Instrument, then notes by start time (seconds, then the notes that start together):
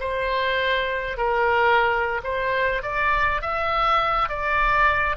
oboe
0.00 C5
1.17 A#4
2.24 C5
2.83 D5
3.42 E5
4.29 D5